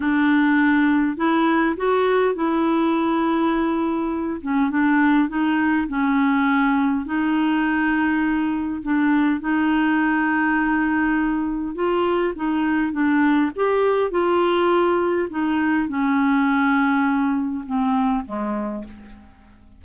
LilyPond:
\new Staff \with { instrumentName = "clarinet" } { \time 4/4 \tempo 4 = 102 d'2 e'4 fis'4 | e'2.~ e'8 cis'8 | d'4 dis'4 cis'2 | dis'2. d'4 |
dis'1 | f'4 dis'4 d'4 g'4 | f'2 dis'4 cis'4~ | cis'2 c'4 gis4 | }